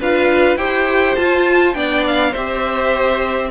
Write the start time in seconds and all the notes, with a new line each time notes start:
0.00 D4 F4 B4 F5
0.56 E4 G4 C5 G5
1.16 F4 A5
1.74 B3 D4 D5 G5
2.07 F5
2.31 C4 C5 E5
2.37 G4